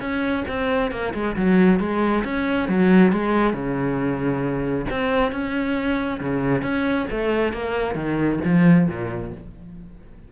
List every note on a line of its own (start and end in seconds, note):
0.00 0.44 C#4
0.48 0.91 C4
0.91 1.14 A#3
1.14 1.36 G#3
1.36 1.79 F#3
1.79 2.24 G#3
2.24 2.69 C#4
2.69 3.12 F#3
3.12 3.53 G#3
3.53 4.86 C#3
4.90 5.32 C4
5.32 6.20 C#4
6.20 6.62 C#3
6.62 7.06 C#4
7.10 7.53 A3
7.53 7.95 A#3
7.95 8.39 D#3
8.44 8.88 F3
8.88 9.32 A#2